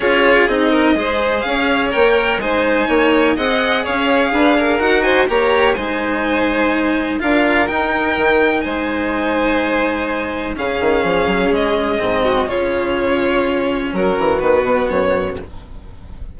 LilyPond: <<
  \new Staff \with { instrumentName = "violin" } { \time 4/4 \tempo 4 = 125 cis''4 dis''2 f''4 | g''4 gis''2 fis''4 | f''2 fis''8 gis''8 ais''4 | gis''2. f''4 |
g''2 gis''2~ | gis''2 f''2 | dis''2 cis''2~ | cis''4 ais'4 b'4 cis''4 | }
  \new Staff \with { instrumentName = "violin" } { \time 4/4 gis'4. ais'8 c''4 cis''4~ | cis''4 c''4 cis''4 dis''4 | cis''4 b'8 ais'4 c''8 cis''4 | c''2. ais'4~ |
ais'2 c''2~ | c''2 gis'2~ | gis'4. fis'8 f'2~ | f'4 fis'2. | }
  \new Staff \with { instrumentName = "cello" } { \time 4/4 f'4 dis'4 gis'2 | ais'4 dis'2 gis'4~ | gis'2 fis'4 g'4 | dis'2. f'4 |
dis'1~ | dis'2 cis'2~ | cis'4 c'4 cis'2~ | cis'2 b2 | }
  \new Staff \with { instrumentName = "bassoon" } { \time 4/4 cis'4 c'4 gis4 cis'4 | ais4 gis4 ais4 c'4 | cis'4 d'4 dis'4 ais4 | gis2. d'4 |
dis'4 dis4 gis2~ | gis2 cis8 dis8 f8 fis8 | gis4 gis,4 cis2~ | cis4 fis8 e8 dis8 b,8 fis,4 | }
>>